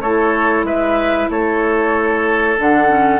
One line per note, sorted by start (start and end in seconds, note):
0.00 0.63 A3
0.00 2.58 E4
0.00 0.66 A4
0.00 0.65 C#5
0.63 1.27 G#3
0.63 1.30 B4
0.63 1.30 E5
1.30 2.58 A3
1.30 3.19 A4
1.30 2.58 C#5
2.58 3.19 D3
2.58 2.88 D4
2.58 3.19 F#5
2.88 3.19 C#4